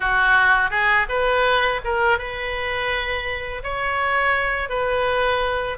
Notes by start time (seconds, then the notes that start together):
0.00 F#4
0.70 G#4
1.08 B4
1.84 A#4
2.18 B4
3.63 C#5
4.69 B4